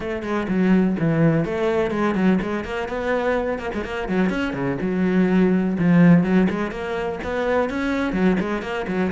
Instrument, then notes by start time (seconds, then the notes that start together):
cello
0.00 A3
0.23 G#3
0.48 F#3
0.99 E3
1.44 A3
1.90 G#3
2.14 F#3
2.42 G#3
2.64 A#3
2.88 B3
3.59 A#3
3.74 G#3
3.84 A#3
4.08 F#3
4.29 C#4
4.53 C#3
4.81 F#3
5.78 F3
6.23 F#3
6.49 G#3
6.71 A#3
7.23 B3
7.69 C#4
8.13 F#3
8.40 G#3
8.62 A#3
8.87 F#3